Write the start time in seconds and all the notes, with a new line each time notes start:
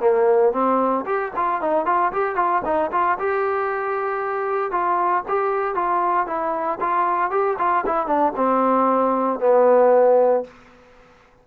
0.00 A#3
0.52 C4
1.05 G4
1.36 F4
1.61 D#4
1.86 F4
2.12 G4
2.36 F4
2.65 D#4
2.92 F4
3.18 G4
4.71 F4
5.28 G4
5.75 F4
6.27 E4
6.80 F4
7.30 G4
7.58 F4
7.86 E4
8.07 D4
8.36 C4
9.40 B3